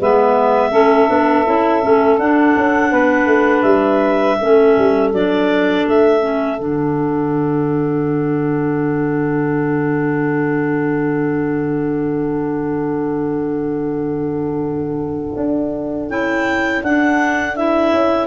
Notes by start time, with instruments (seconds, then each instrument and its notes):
0.00 tuba G#3, clarinet B3 E5, saxophone B4
0.71 tuba A3, clarinet C#4, saxophone A4
1.09 tuba B3, clarinet D4
1.47 tuba C#4, clarinet E4
1.83 tuba A3, clarinet C#4
2.19 tuba D4, clarinet D4 F#5
2.57 tuba C#4
2.92 tuba B3, saxophone B4
3.26 tuba A3
3.63 tuba G3, clarinet E5
4.40 tuba A3, clarinet C#4, saxophone A4
4.79 tuba G3
5.12 tuba F#3, clarinet D4 D5
5.87 tuba A3, clarinet E5
6.21 clarinet C#4
6.59 tuba D3, clarinet D4 F#5
15.37 tuba D4
16.10 tuba C#4, clarinet E4 G5
16.83 tuba D4, clarinet D4 F#5
17.57 clarinet E4 E5
17.93 tuba C#4